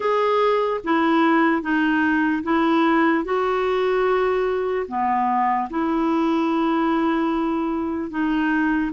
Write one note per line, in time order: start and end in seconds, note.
0.00 0.81 G#4
0.84 1.61 E4
1.61 2.43 D#4
2.43 3.24 E4
3.24 4.86 F#4
4.88 5.69 B3
5.69 8.10 E4
8.10 8.91 D#4